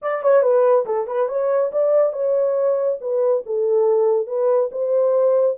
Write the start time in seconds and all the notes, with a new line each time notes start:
0.02 D5
0.22 C#5
0.42 B4
0.85 A4
1.07 B4
1.28 C#5
1.72 D5
2.12 C#5
3.00 B4
3.46 A4
4.26 B4
4.71 C5